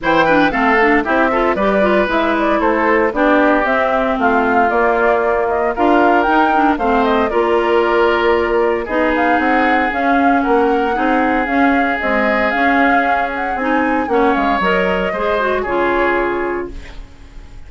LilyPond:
<<
  \new Staff \with { instrumentName = "flute" } { \time 4/4 \tempo 4 = 115 g''4 f''4 e''4 d''4 | e''8 d''8 c''4 d''4 e''4 | f''4 d''4. dis''8 f''4 | g''4 f''8 dis''8 d''2~ |
d''4 dis''8 f''8 fis''4 f''4 | fis''2 f''4 dis''4 | f''4. fis''8 gis''4 fis''8 f''8 | dis''2 cis''2 | }
  \new Staff \with { instrumentName = "oboe" } { \time 4/4 c''8 b'8 a'4 g'8 a'8 b'4~ | b'4 a'4 g'2 | f'2. ais'4~ | ais'4 c''4 ais'2~ |
ais'4 gis'2. | ais'4 gis'2.~ | gis'2. cis''4~ | cis''4 c''4 gis'2 | }
  \new Staff \with { instrumentName = "clarinet" } { \time 4/4 e'8 d'8 c'8 d'8 e'8 f'8 g'8 f'8 | e'2 d'4 c'4~ | c'4 ais2 f'4 | dis'8 d'8 c'4 f'2~ |
f'4 dis'2 cis'4~ | cis'4 dis'4 cis'4 gis4 | cis'2 dis'4 cis'4 | ais'4 gis'8 fis'8 f'2 | }
  \new Staff \with { instrumentName = "bassoon" } { \time 4/4 e4 a4 c'4 g4 | gis4 a4 b4 c'4 | a4 ais2 d'4 | dis'4 a4 ais2~ |
ais4 b4 c'4 cis'4 | ais4 c'4 cis'4 c'4 | cis'2 c'4 ais8 gis8 | fis4 gis4 cis2 | }
>>